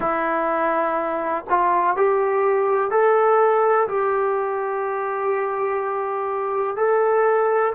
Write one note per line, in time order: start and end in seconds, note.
0.00 1.44 E4
1.49 1.96 F4
1.96 2.90 G4
2.90 3.87 A4
3.88 6.76 G4
6.76 7.73 A4